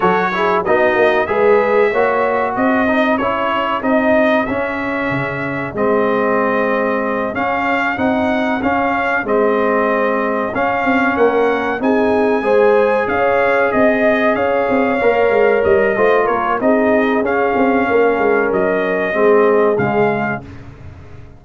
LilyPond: <<
  \new Staff \with { instrumentName = "trumpet" } { \time 4/4 \tempo 4 = 94 cis''4 dis''4 e''2 | dis''4 cis''4 dis''4 e''4~ | e''4 dis''2~ dis''8 f''8~ | f''8 fis''4 f''4 dis''4.~ |
dis''8 f''4 fis''4 gis''4.~ | gis''8 f''4 dis''4 f''4.~ | f''8 dis''4 cis''8 dis''4 f''4~ | f''4 dis''2 f''4 | }
  \new Staff \with { instrumentName = "horn" } { \time 4/4 a'8 gis'8 fis'4 b'4 cis''4 | gis'1~ | gis'1~ | gis'1~ |
gis'4. ais'4 gis'4 c''8~ | c''8 cis''4 dis''4 cis''4.~ | cis''4 c''8 ais'8 gis'2 | ais'2 gis'2 | }
  \new Staff \with { instrumentName = "trombone" } { \time 4/4 fis'8 e'8 dis'4 gis'4 fis'4~ | fis'8 dis'8 e'4 dis'4 cis'4~ | cis'4 c'2~ c'8 cis'8~ | cis'8 dis'4 cis'4 c'4.~ |
c'8 cis'2 dis'4 gis'8~ | gis'2.~ gis'8 ais'8~ | ais'4 f'4 dis'4 cis'4~ | cis'2 c'4 gis4 | }
  \new Staff \with { instrumentName = "tuba" } { \time 4/4 fis4 b8 ais8 gis4 ais4 | c'4 cis'4 c'4 cis'4 | cis4 gis2~ gis8 cis'8~ | cis'8 c'4 cis'4 gis4.~ |
gis8 cis'8 c'8 ais4 c'4 gis8~ | gis8 cis'4 c'4 cis'8 c'8 ais8 | gis8 g8 a8 ais8 c'4 cis'8 c'8 | ais8 gis8 fis4 gis4 cis4 | }
>>